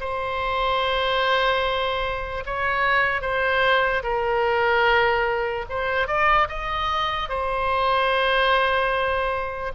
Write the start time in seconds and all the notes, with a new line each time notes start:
0.00 C5
2.45 C#5
3.21 C5
4.03 A#4
5.69 C5
6.07 D5
6.48 D#5
7.29 C5